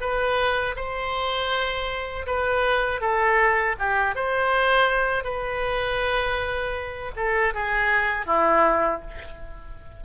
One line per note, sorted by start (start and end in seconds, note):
0.00 0.75 B4
0.75 2.25 C5
2.26 3.00 B4
3.00 3.75 A4
3.78 4.15 G4
4.15 5.24 C5
5.24 7.11 B4
7.16 7.53 A4
7.54 8.26 G#4
8.26 9.01 E4